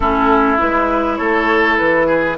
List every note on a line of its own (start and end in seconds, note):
0.00 0.58 A3
0.00 0.57 C#4
0.00 1.18 E4
0.00 0.58 A4
0.57 1.19 G#3
0.57 2.35 E4
0.57 1.16 B4
1.16 1.78 A3
1.16 2.07 A4
1.16 1.75 C#5
1.77 2.38 E3
1.77 2.36 B4
2.07 2.36 G#4